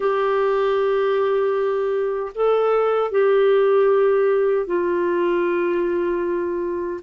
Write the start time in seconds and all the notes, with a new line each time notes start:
0.00 G4
2.34 A4
3.11 G4
4.66 F4